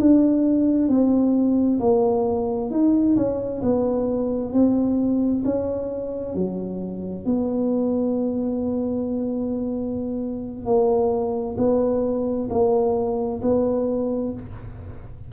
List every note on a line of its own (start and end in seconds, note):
0.00 0.89 D4
0.89 1.80 C4
1.80 2.71 A#3
2.71 3.16 D#4
3.17 3.62 C#4
3.62 4.53 B3
4.53 5.44 C4
5.45 6.35 C#4
6.35 7.26 F#3
7.26 10.66 B3
10.66 11.57 A#3
11.58 12.49 B3
12.50 13.41 A#3
13.42 14.33 B3